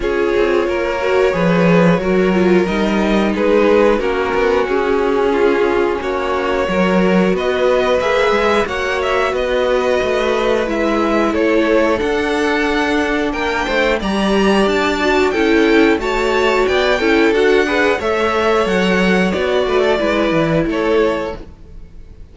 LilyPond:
<<
  \new Staff \with { instrumentName = "violin" } { \time 4/4 \tempo 4 = 90 cis''1 | dis''4 b'4 ais'4 gis'4~ | gis'4 cis''2 dis''4 | e''4 fis''8 e''8 dis''2 |
e''4 cis''4 fis''2 | g''4 ais''4 a''4 g''4 | a''4 g''4 fis''4 e''4 | fis''4 d''2 cis''4 | }
  \new Staff \with { instrumentName = "violin" } { \time 4/4 gis'4 ais'4 b'4 ais'4~ | ais'4 gis'4 fis'2 | f'4 fis'4 ais'4 b'4~ | b'4 cis''4 b'2~ |
b'4 a'2. | ais'8 c''8 d''2 a'4 | cis''4 d''8 a'4 b'8 cis''4~ | cis''4. b'16 a'16 b'4 a'4 | }
  \new Staff \with { instrumentName = "viola" } { \time 4/4 f'4. fis'8 gis'4 fis'8 f'8 | dis'2 cis'2~ | cis'2 fis'2 | gis'4 fis'2. |
e'2 d'2~ | d'4 g'4. fis'8 e'4 | fis'4. e'8 fis'8 gis'8 a'4~ | a'4 fis'4 e'2 | }
  \new Staff \with { instrumentName = "cello" } { \time 4/4 cis'8 c'8 ais4 f4 fis4 | g4 gis4 ais8 b8 cis'4~ | cis'4 ais4 fis4 b4 | ais8 gis8 ais4 b4 a4 |
gis4 a4 d'2 | ais8 a8 g4 d'4 cis'4 | a4 b8 cis'8 d'4 a4 | fis4 b8 a8 gis8 e8 a4 | }
>>